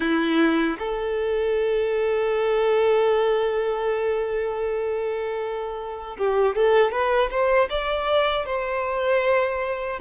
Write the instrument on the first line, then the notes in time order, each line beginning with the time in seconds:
violin
0.00 E4
0.78 A4
6.18 G4
6.55 A4
6.91 B4
7.30 C5
7.69 D5
8.45 C5